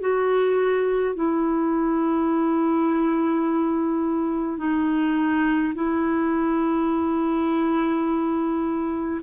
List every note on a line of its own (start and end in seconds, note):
0.00 1.15 F#4
1.15 4.58 E4
4.58 5.73 D#4
5.74 9.20 E4